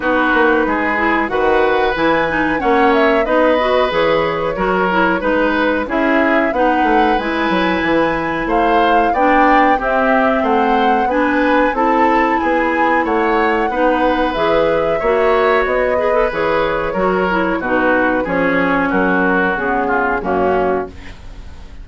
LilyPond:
<<
  \new Staff \with { instrumentName = "flute" } { \time 4/4 \tempo 4 = 92 b'2 fis''4 gis''4 | fis''8 e''8 dis''4 cis''2 | b'4 e''4 fis''4 gis''4~ | gis''4 f''4 g''4 e''4 |
fis''4 gis''4 a''4 gis''4 | fis''2 e''2 | dis''4 cis''2 b'4 | cis''4 ais'4 gis'4 fis'4 | }
  \new Staff \with { instrumentName = "oboe" } { \time 4/4 fis'4 gis'4 b'2 | cis''4 b'2 ais'4 | b'4 gis'4 b'2~ | b'4 c''4 d''4 g'4 |
c''4 b'4 a'4 gis'4 | cis''4 b'2 cis''4~ | cis''8 b'4. ais'4 fis'4 | gis'4 fis'4. f'8 cis'4 | }
  \new Staff \with { instrumentName = "clarinet" } { \time 4/4 dis'4. e'8 fis'4 e'8 dis'8 | cis'4 dis'8 fis'8 gis'4 fis'8 e'8 | dis'4 e'4 dis'4 e'4~ | e'2 d'4 c'4~ |
c'4 d'4 e'2~ | e'4 dis'4 gis'4 fis'4~ | fis'8 gis'16 a'16 gis'4 fis'8 e'8 dis'4 | cis'2 b4 ais4 | }
  \new Staff \with { instrumentName = "bassoon" } { \time 4/4 b8 ais8 gis4 dis4 e4 | ais4 b4 e4 fis4 | gis4 cis'4 b8 a8 gis8 fis8 | e4 a4 b4 c'4 |
a4 b4 c'4 b4 | a4 b4 e4 ais4 | b4 e4 fis4 b,4 | f4 fis4 cis4 fis,4 | }
>>